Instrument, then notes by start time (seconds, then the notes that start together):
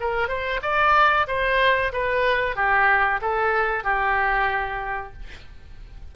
oboe
0.00 A#4
0.28 C5
0.62 D5
1.27 C5
1.92 B4
2.55 G4
3.21 A4
3.83 G4